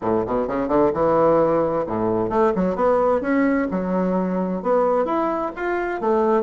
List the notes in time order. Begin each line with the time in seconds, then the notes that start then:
0.01 A2
0.26 B2
0.47 C#3
0.68 D3
0.93 E3
1.86 A2
2.29 A3
2.55 F#3
2.75 B3
3.21 C#4
3.70 F#3
4.62 B3
5.05 E4
5.56 F4
6.00 A3